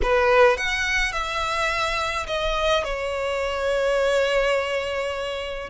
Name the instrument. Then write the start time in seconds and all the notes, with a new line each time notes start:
violin
0.02 B4
0.57 F#5
1.12 E5
2.26 D#5
2.83 C#5